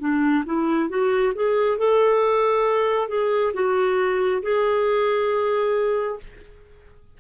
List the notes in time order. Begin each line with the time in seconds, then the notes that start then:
0.00 D4
0.45 E4
0.89 F#4
1.35 G#4
1.78 A4
3.09 G#4
3.54 F#4
4.43 G#4